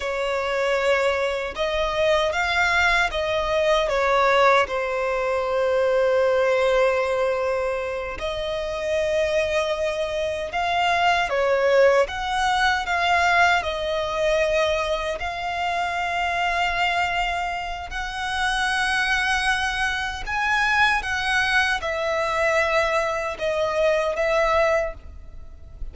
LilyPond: \new Staff \with { instrumentName = "violin" } { \time 4/4 \tempo 4 = 77 cis''2 dis''4 f''4 | dis''4 cis''4 c''2~ | c''2~ c''8 dis''4.~ | dis''4. f''4 cis''4 fis''8~ |
fis''8 f''4 dis''2 f''8~ | f''2. fis''4~ | fis''2 gis''4 fis''4 | e''2 dis''4 e''4 | }